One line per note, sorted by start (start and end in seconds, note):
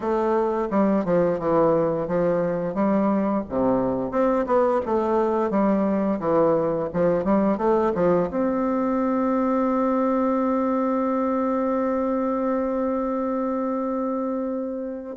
0.00 0.68 A3
0.70 1.04 G3
1.04 1.39 F3
1.39 2.07 E3
2.07 2.74 F3
2.74 3.43 G3
3.49 4.11 C3
4.11 4.45 C4
4.46 4.81 B3
4.85 5.50 A3
5.50 6.19 G3
6.19 6.88 E3
6.93 7.24 F3
7.24 7.57 G3
7.57 7.92 A3
7.94 8.29 F3
8.30 15.16 C4